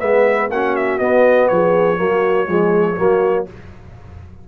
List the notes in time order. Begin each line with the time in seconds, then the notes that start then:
0.00 G#3 B3 B4 E5
0.50 A#3 C#4 F#4 F#5
0.76 E5
0.99 B3 D#5
1.48 F3 G#4 C#5
1.97 F#3 A#3 F#4
2.46 F3 G#3 G#4
2.97 F#3 A#3 F#4